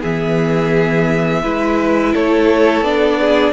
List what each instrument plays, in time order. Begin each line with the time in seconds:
0.00 cello E3, viola B3, violin G#4 E5
1.42 cello G#3, viola E4, violin B4
2.13 cello A3, violin A4 C#5
2.81 cello B3, viola D4, violin D5
3.20 violin G#4